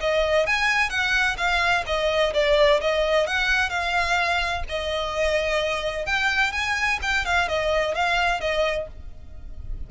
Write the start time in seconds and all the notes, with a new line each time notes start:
0.00 D#5
0.46 G#5
0.89 F#5
1.37 F5
1.86 D#5
2.33 D5
2.81 D#5
3.27 F#5
3.69 F5
4.69 D#5
6.06 G5
6.52 G#5
7.02 G5
7.25 F5
7.48 D#5
7.95 F5
8.40 D#5